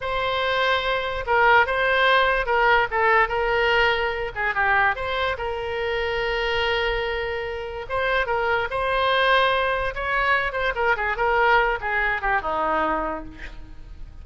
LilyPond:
\new Staff \with { instrumentName = "oboe" } { \time 4/4 \tempo 4 = 145 c''2. ais'4 | c''2 ais'4 a'4 | ais'2~ ais'8 gis'8 g'4 | c''4 ais'2.~ |
ais'2. c''4 | ais'4 c''2. | cis''4. c''8 ais'8 gis'8 ais'4~ | ais'8 gis'4 g'8 dis'2 | }